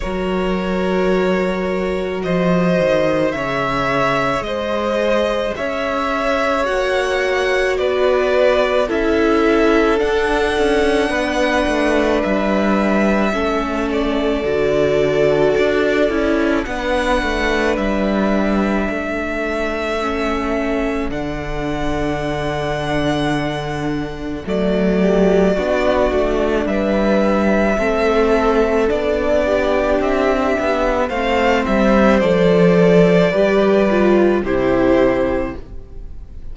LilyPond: <<
  \new Staff \with { instrumentName = "violin" } { \time 4/4 \tempo 4 = 54 cis''2 dis''4 e''4 | dis''4 e''4 fis''4 d''4 | e''4 fis''2 e''4~ | e''8 d''2~ d''8 fis''4 |
e''2. fis''4~ | fis''2 d''2 | e''2 d''4 e''4 | f''8 e''8 d''2 c''4 | }
  \new Staff \with { instrumentName = "violin" } { \time 4/4 ais'2 c''4 cis''4 | c''4 cis''2 b'4 | a'2 b'2 | a'2. b'4~ |
b'4 a'2.~ | a'2~ a'8 g'8 fis'4 | b'4 a'4. g'4. | c''2 b'4 g'4 | }
  \new Staff \with { instrumentName = "viola" } { \time 4/4 fis'2. gis'4~ | gis'2 fis'2 | e'4 d'2. | cis'4 fis'4. e'8 d'4~ |
d'2 cis'4 d'4~ | d'2 a4 d'4~ | d'4 c'4 d'2 | c'4 a'4 g'8 f'8 e'4 | }
  \new Staff \with { instrumentName = "cello" } { \time 4/4 fis2 f8 dis8 cis4 | gis4 cis'4 ais4 b4 | cis'4 d'8 cis'8 b8 a8 g4 | a4 d4 d'8 cis'8 b8 a8 |
g4 a2 d4~ | d2 fis4 b8 a8 | g4 a4 b4 c'8 b8 | a8 g8 f4 g4 c4 | }
>>